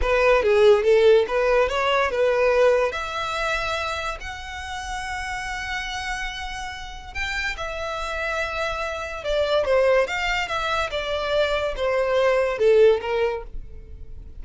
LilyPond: \new Staff \with { instrumentName = "violin" } { \time 4/4 \tempo 4 = 143 b'4 gis'4 a'4 b'4 | cis''4 b'2 e''4~ | e''2 fis''2~ | fis''1~ |
fis''4 g''4 e''2~ | e''2 d''4 c''4 | f''4 e''4 d''2 | c''2 a'4 ais'4 | }